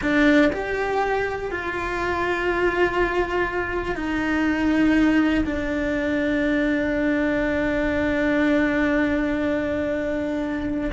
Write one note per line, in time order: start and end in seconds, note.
0.01 0.51 D4
0.52 1.51 G4
1.51 3.95 F4
3.95 5.44 D#4
5.45 10.90 D4